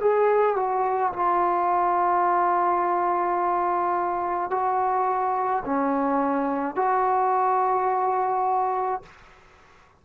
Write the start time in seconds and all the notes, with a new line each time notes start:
0.00 G#4
0.56 F#4
1.12 F4
4.50 F#4
5.65 C#4
6.75 F#4